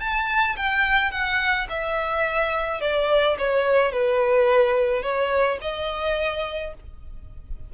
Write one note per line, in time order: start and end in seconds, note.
0.00 0.56 A5
0.56 1.11 G5
1.11 1.67 F#5
1.69 2.81 E5
2.81 3.37 D5
3.38 3.92 C#5
3.92 5.02 B4
5.02 5.58 C#5
5.62 6.74 D#5